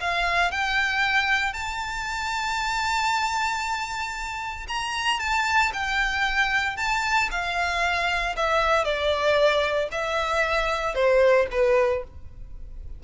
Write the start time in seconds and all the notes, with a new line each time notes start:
0.00 F5
0.51 G5
1.53 A5
4.67 A#5
5.19 A5
5.73 G5
6.76 A5
7.31 F5
8.36 E5
8.84 D5
9.91 E5
10.94 C5
11.51 B4